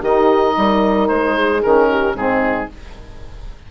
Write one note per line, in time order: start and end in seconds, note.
0.00 0.55 D#3
0.00 1.63 D#4
0.00 0.54 G4
0.00 1.08 D#5
0.57 1.10 G3
0.57 1.35 A#4
1.08 1.63 G#3
1.08 1.62 C5
1.35 1.89 G#4
1.63 2.15 D#3
1.63 2.16 C#4
1.63 2.16 A#4
1.90 2.17 G4
2.15 2.68 G#2
2.15 2.69 C4
2.15 2.71 D#4
2.15 2.71 G#4